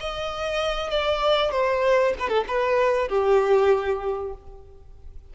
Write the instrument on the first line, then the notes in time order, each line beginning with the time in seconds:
violin
0.00 D#5
0.90 D5
1.51 C5
2.19 B4
2.29 A4
2.48 B4
3.09 G4